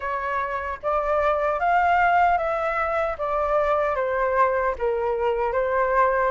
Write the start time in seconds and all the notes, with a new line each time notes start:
0.00 C#5
0.82 D5
1.59 F5
2.37 E5
3.18 D5
3.95 C5
4.78 A#4
5.52 C5